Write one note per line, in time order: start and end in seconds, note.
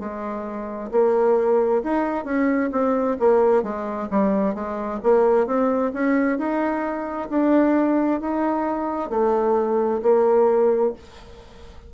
0.00 0.91 G#3
0.92 1.83 A#3
1.84 2.25 D#4
2.25 2.71 C#4
2.72 3.18 C4
3.20 3.63 A#3
3.63 4.09 G#3
4.11 4.55 G3
4.55 5.00 G#3
5.04 5.47 A#3
5.47 5.93 C4
5.94 6.38 C#4
6.38 7.29 D#4
7.30 8.21 D4
8.21 9.10 D#4
9.10 10.01 A3
10.03 10.94 A#3